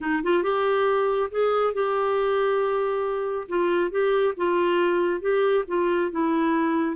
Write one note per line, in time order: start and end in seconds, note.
0.01 0.22 D#4
0.23 0.43 F4
0.43 1.30 G4
1.30 1.73 G#4
1.73 3.47 G4
3.48 3.90 F4
3.90 4.34 G4
4.36 5.21 F4
5.21 5.64 G4
5.67 6.11 F4
6.11 6.96 E4